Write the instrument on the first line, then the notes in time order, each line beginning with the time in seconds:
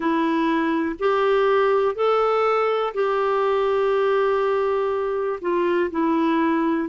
clarinet
0.00 E4
0.99 G4
1.95 A4
2.93 G4
5.41 F4
5.91 E4